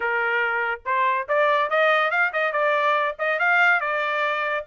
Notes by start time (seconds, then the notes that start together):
0.00 A#4
0.85 C5
1.28 D5
1.69 D#5
2.10 F5
2.32 D#5
2.52 D5
3.18 D#5
3.39 F5
3.80 D5